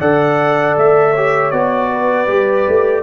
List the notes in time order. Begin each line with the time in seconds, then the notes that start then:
0.00 D3 A4 D5 F#5
0.77 A3 E5
1.12 G4 C#5
1.51 B3 F#4 D5
1.92 B4
2.27 G3 G4
2.68 A3